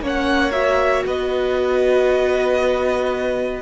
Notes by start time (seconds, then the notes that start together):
0.00 A#3 C#4 C#5
0.06 F#5
0.52 F#4 E5
1.06 B3 B4 D#5